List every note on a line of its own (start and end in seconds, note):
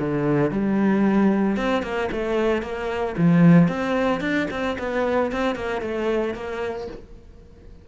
0.00 0.52 D3
0.52 1.57 G3
1.57 1.83 C4
1.83 2.10 A#3
2.12 2.63 A3
2.63 3.16 A#3
3.18 3.69 F3
3.69 4.21 C4
4.21 4.48 D4
4.51 4.78 C4
4.79 5.32 B3
5.32 5.56 C4
5.56 5.82 A#3
5.82 6.35 A3
6.35 6.88 A#3